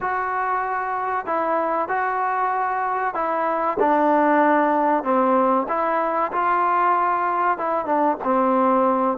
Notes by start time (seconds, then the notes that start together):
0.00 F#4
1.26 E4
1.88 F#4
3.14 E4
3.79 D4
5.03 C4
5.68 E4
6.32 F4
7.58 E4
7.85 D4
8.24 C4